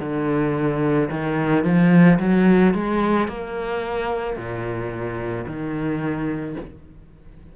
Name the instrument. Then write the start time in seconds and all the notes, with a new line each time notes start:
cello
0.00 D3
1.10 D#3
1.64 F3
2.19 F#3
2.74 G#3
3.28 A#3
4.36 A#2
5.46 D#3